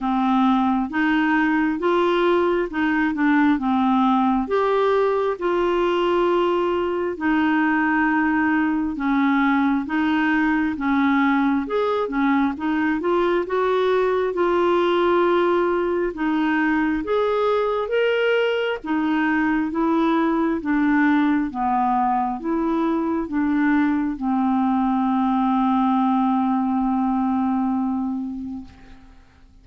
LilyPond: \new Staff \with { instrumentName = "clarinet" } { \time 4/4 \tempo 4 = 67 c'4 dis'4 f'4 dis'8 d'8 | c'4 g'4 f'2 | dis'2 cis'4 dis'4 | cis'4 gis'8 cis'8 dis'8 f'8 fis'4 |
f'2 dis'4 gis'4 | ais'4 dis'4 e'4 d'4 | b4 e'4 d'4 c'4~ | c'1 | }